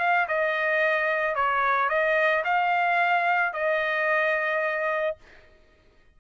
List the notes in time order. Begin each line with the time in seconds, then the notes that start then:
0.00 F5
0.29 D#5
1.36 C#5
1.89 D#5
2.45 F5
3.54 D#5